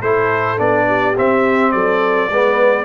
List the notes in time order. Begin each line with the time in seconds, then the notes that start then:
0.00 A3 E4 A4 C5
0.57 B3 D4 D5
0.87 G4
1.17 C4 E5
1.72 F#3 A4 D5
2.29 G#3 B3 B4